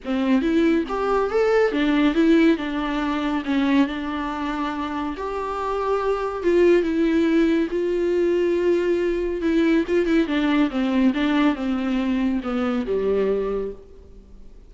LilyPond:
\new Staff \with { instrumentName = "viola" } { \time 4/4 \tempo 4 = 140 c'4 e'4 g'4 a'4 | d'4 e'4 d'2 | cis'4 d'2. | g'2. f'4 |
e'2 f'2~ | f'2 e'4 f'8 e'8 | d'4 c'4 d'4 c'4~ | c'4 b4 g2 | }